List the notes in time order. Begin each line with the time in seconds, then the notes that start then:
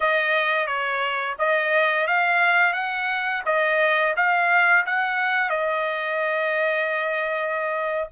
0.00 D#5
0.66 C#5
1.39 D#5
2.07 F5
2.73 F#5
3.45 D#5
4.16 F5
4.86 F#5
5.49 D#5